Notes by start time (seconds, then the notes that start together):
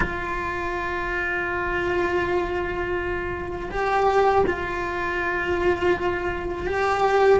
0.00 F4
3.70 G4
4.46 F4
6.66 G4